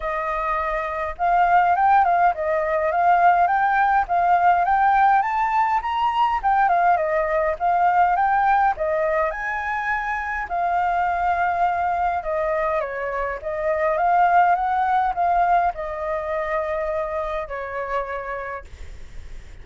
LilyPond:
\new Staff \with { instrumentName = "flute" } { \time 4/4 \tempo 4 = 103 dis''2 f''4 g''8 f''8 | dis''4 f''4 g''4 f''4 | g''4 a''4 ais''4 g''8 f''8 | dis''4 f''4 g''4 dis''4 |
gis''2 f''2~ | f''4 dis''4 cis''4 dis''4 | f''4 fis''4 f''4 dis''4~ | dis''2 cis''2 | }